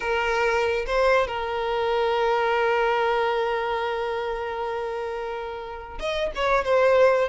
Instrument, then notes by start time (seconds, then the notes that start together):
violin
0.00 A#4
0.86 C5
1.27 A#4
5.99 D#5
6.35 C#5
6.64 C5